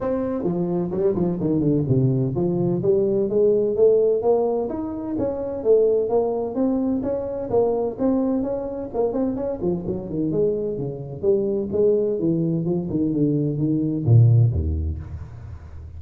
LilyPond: \new Staff \with { instrumentName = "tuba" } { \time 4/4 \tempo 4 = 128 c'4 f4 g8 f8 dis8 d8 | c4 f4 g4 gis4 | a4 ais4 dis'4 cis'4 | a4 ais4 c'4 cis'4 |
ais4 c'4 cis'4 ais8 c'8 | cis'8 f8 fis8 dis8 gis4 cis4 | g4 gis4 e4 f8 dis8 | d4 dis4 ais,4 dis,4 | }